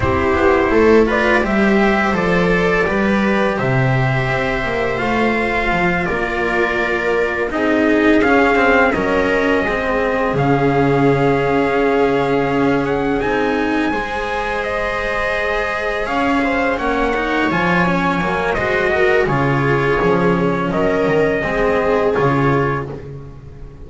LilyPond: <<
  \new Staff \with { instrumentName = "trumpet" } { \time 4/4 \tempo 4 = 84 c''4. d''8 e''4 d''4~ | d''4 e''2 f''4~ | f''8 d''2 dis''4 f''8~ | f''8 dis''2 f''4.~ |
f''2 fis''8 gis''4.~ | gis''8 dis''2 f''4 fis''8~ | fis''8 gis''4. dis''4 cis''4~ | cis''4 dis''2 cis''4 | }
  \new Staff \with { instrumentName = "viola" } { \time 4/4 g'4 a'8 b'8 c''2 | b'4 c''2.~ | c''8 ais'2 gis'4.~ | gis'8 ais'4 gis'2~ gis'8~ |
gis'2.~ gis'8 c''8~ | c''2~ c''8 cis''8 c''8 cis''8~ | cis''2 c''8 ais'8 gis'4~ | gis'4 ais'4 gis'2 | }
  \new Staff \with { instrumentName = "cello" } { \time 4/4 e'4. f'8 g'4 a'4 | g'2. f'4~ | f'2~ f'8 dis'4 cis'8 | c'8 cis'4 c'4 cis'4.~ |
cis'2~ cis'8 dis'4 gis'8~ | gis'2.~ gis'8 cis'8 | dis'8 f'8 cis'8 ais8 fis'4 f'4 | cis'2 c'4 f'4 | }
  \new Staff \with { instrumentName = "double bass" } { \time 4/4 c'8 b8 a4 g4 f4 | g4 c4 c'8 ais8 a4 | f8 ais2 c'4 cis'8~ | cis'8 fis4 gis4 cis4.~ |
cis4. cis'4 c'4 gis8~ | gis2~ gis8 cis'4 ais8~ | ais8 f4 fis8 gis4 cis4 | f4 fis8 dis8 gis4 cis4 | }
>>